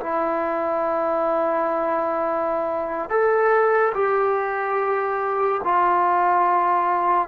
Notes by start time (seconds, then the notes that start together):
0.00 E4
3.10 A4
3.95 G4
5.64 F4